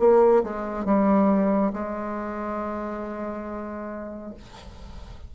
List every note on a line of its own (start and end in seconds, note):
0.00 0.43 A#3
0.44 0.85 G#3
0.85 1.72 G3
1.74 4.34 G#3